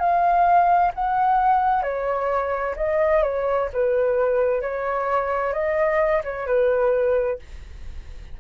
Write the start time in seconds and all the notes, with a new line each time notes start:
0.00 F5
0.94 F#5
1.83 C#5
2.77 D#5
3.23 C#5
3.73 B4
4.62 C#5
5.53 D#5
6.24 C#5
6.47 B4